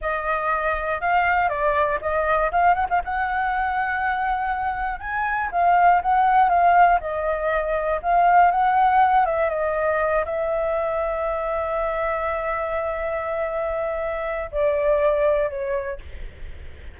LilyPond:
\new Staff \with { instrumentName = "flute" } { \time 4/4 \tempo 4 = 120 dis''2 f''4 d''4 | dis''4 f''8 fis''16 f''16 fis''2~ | fis''2 gis''4 f''4 | fis''4 f''4 dis''2 |
f''4 fis''4. e''8 dis''4~ | dis''8 e''2.~ e''8~ | e''1~ | e''4 d''2 cis''4 | }